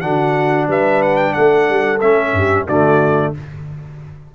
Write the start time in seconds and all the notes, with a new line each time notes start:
0.00 D3 D4 F#4 F#5
0.68 G3 B4 E5
1.02 F#5
1.16 G5
1.33 A3 A4 F#5
1.69 G3
2.00 A3 C#4 E5
2.33 G2 G4
2.67 D3 A3 F#4 D5